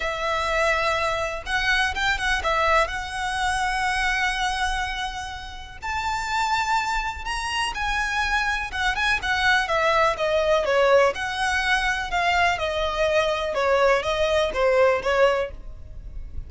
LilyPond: \new Staff \with { instrumentName = "violin" } { \time 4/4 \tempo 4 = 124 e''2. fis''4 | g''8 fis''8 e''4 fis''2~ | fis''1 | a''2. ais''4 |
gis''2 fis''8 gis''8 fis''4 | e''4 dis''4 cis''4 fis''4~ | fis''4 f''4 dis''2 | cis''4 dis''4 c''4 cis''4 | }